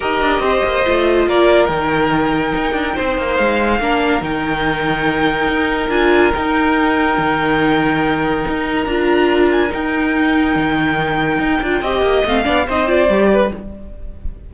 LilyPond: <<
  \new Staff \with { instrumentName = "violin" } { \time 4/4 \tempo 4 = 142 dis''2. d''4 | g''1 | f''2 g''2~ | g''2 gis''4 g''4~ |
g''1~ | g''8. ais''4.~ ais''16 gis''8 g''4~ | g''1~ | g''4 f''4 dis''8 d''4. | }
  \new Staff \with { instrumentName = "violin" } { \time 4/4 ais'4 c''2 ais'4~ | ais'2. c''4~ | c''4 ais'2.~ | ais'1~ |
ais'1~ | ais'1~ | ais'1 | dis''4. d''8 c''4. b'8 | }
  \new Staff \with { instrumentName = "viola" } { \time 4/4 g'2 f'2 | dis'1~ | dis'4 d'4 dis'2~ | dis'2 f'4 dis'4~ |
dis'1~ | dis'4 f'2 dis'4~ | dis'2.~ dis'8 f'8 | g'4 c'8 d'8 dis'8 f'8 g'4 | }
  \new Staff \with { instrumentName = "cello" } { \time 4/4 dis'8 d'8 c'8 ais8 a4 ais4 | dis2 dis'8 d'8 c'8 ais8 | gis4 ais4 dis2~ | dis4 dis'4 d'4 dis'4~ |
dis'4 dis2. | dis'4 d'2 dis'4~ | dis'4 dis2 dis'8 d'8 | c'8 ais8 a8 b8 c'4 g4 | }
>>